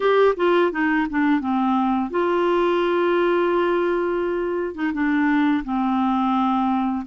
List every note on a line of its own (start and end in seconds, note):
0.00 0.34 G4
0.36 0.71 F4
0.71 1.07 D#4
1.09 1.40 D4
1.40 2.10 C4
2.10 4.75 F4
4.75 4.92 D#4
4.93 5.63 D4
5.64 7.05 C4